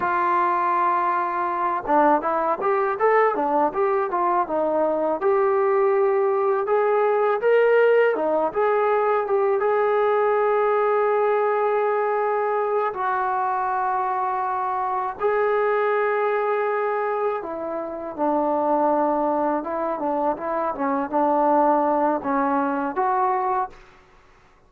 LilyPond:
\new Staff \with { instrumentName = "trombone" } { \time 4/4 \tempo 4 = 81 f'2~ f'8 d'8 e'8 g'8 | a'8 d'8 g'8 f'8 dis'4 g'4~ | g'4 gis'4 ais'4 dis'8 gis'8~ | gis'8 g'8 gis'2.~ |
gis'4. fis'2~ fis'8~ | fis'8 gis'2. e'8~ | e'8 d'2 e'8 d'8 e'8 | cis'8 d'4. cis'4 fis'4 | }